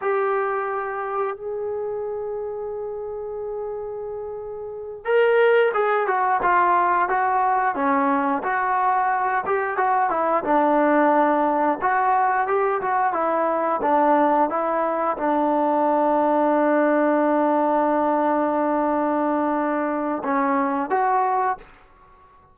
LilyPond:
\new Staff \with { instrumentName = "trombone" } { \time 4/4 \tempo 4 = 89 g'2 gis'2~ | gis'2.~ gis'8 ais'8~ | ais'8 gis'8 fis'8 f'4 fis'4 cis'8~ | cis'8 fis'4. g'8 fis'8 e'8 d'8~ |
d'4. fis'4 g'8 fis'8 e'8~ | e'8 d'4 e'4 d'4.~ | d'1~ | d'2 cis'4 fis'4 | }